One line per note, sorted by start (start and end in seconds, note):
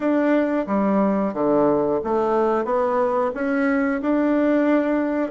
0.00 0.66 D4
0.66 1.33 G3
1.33 2.00 D3
2.04 2.64 A3
2.64 3.31 B3
3.34 4.01 C#4
4.02 5.31 D4